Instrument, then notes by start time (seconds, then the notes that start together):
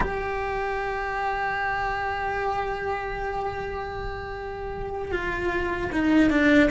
cello
0.00 G4
5.11 F4
5.92 D#4
6.30 D4